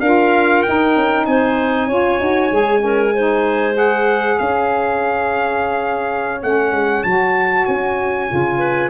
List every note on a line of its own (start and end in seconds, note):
0.00 0.62 D4
0.00 0.65 F4
0.00 1.26 A#4
0.00 0.62 F5
0.62 1.90 D#4
0.62 0.95 D#4
0.62 1.25 G5
0.95 1.26 C#4
1.25 1.88 C4
1.25 1.87 C5
1.25 3.75 G#5
1.87 2.19 C#4
1.87 2.20 F4
1.87 2.81 C#5
2.20 2.51 D#4
2.20 2.50 F#4
2.50 4.39 G#3
2.50 2.79 G#4
2.79 3.10 C#4
2.79 3.14 A#4
3.14 3.73 D#4
3.14 4.37 C5
3.73 6.39 G#4
3.73 4.38 F#5
4.37 6.43 C#4
4.37 8.58 C#5
4.37 6.41 F5
6.42 6.72 A3
6.42 7.05 C#4
6.42 7.03 F#5
6.72 7.03 G#3
7.03 7.67 F#3
7.03 8.28 F#4
7.03 7.65 A5
7.65 8.30 C#4
7.65 8.90 G#5
8.28 8.90 C#3
8.28 8.90 F4
8.58 8.90 B4